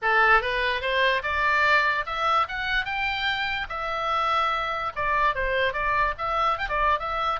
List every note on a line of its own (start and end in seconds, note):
0.02 0.41 A4
0.41 0.81 B4
0.81 1.22 C5
1.22 2.05 D5
2.06 2.47 E5
2.48 2.85 F#5
2.85 3.67 G5
3.69 4.92 E5
4.95 5.34 D5
5.34 5.73 C5
5.73 6.14 D5
6.18 6.58 E5
6.58 6.68 G5
6.69 6.99 D5
6.99 7.40 E5